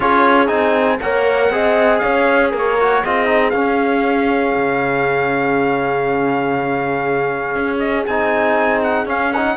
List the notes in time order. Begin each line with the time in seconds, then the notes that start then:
0.00 C#4 F4 G#4 C#5
0.47 C4 D#4 G#5
1.01 A#3 A#4 C#5 F#5
1.49 C4 G#4 D#5
1.98 C#4 C#5 F5
2.50 A#3 A#4
2.57 C#5
2.80 F#4
3.02 C4 F4 G#4 D#5
3.26 D#4
3.50 C#4 F5
4.55 C#3
7.55 C#4
7.79 D#5
8.06 C4 D#4 G#5
8.82 F#5
9.05 C#4 F5
9.33 D#4 F#5